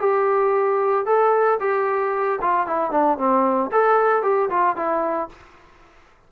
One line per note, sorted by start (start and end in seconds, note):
0.00 1.06 G4
1.06 1.60 A4
1.60 2.40 G4
2.42 2.67 F4
2.67 2.92 E4
2.92 3.18 D4
3.18 3.71 C4
3.72 4.23 A4
4.23 4.50 G4
4.50 4.76 F4
4.76 5.30 E4